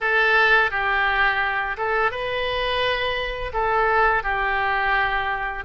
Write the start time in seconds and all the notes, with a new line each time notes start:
0.01 A4
0.71 G4
1.76 A4
2.11 B4
3.53 A4
4.23 G4